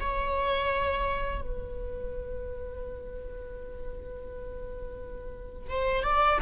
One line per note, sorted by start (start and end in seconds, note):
0.00 1.42 C#5
1.42 5.70 B4
5.70 6.03 C5
6.03 6.39 D5